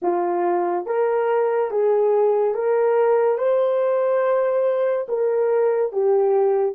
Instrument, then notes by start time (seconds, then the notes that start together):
horn
0.02 F4
0.86 A#4
1.71 G#4
2.54 A#4
3.38 C5
5.08 A#4
5.92 G4